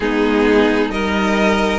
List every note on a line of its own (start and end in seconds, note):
0.00 0.89 G#3
0.00 0.89 B3
0.00 0.92 D#4
0.00 0.91 G#4
0.89 1.79 G3
0.89 1.79 D#4
0.89 1.79 A#4
0.89 1.79 D#5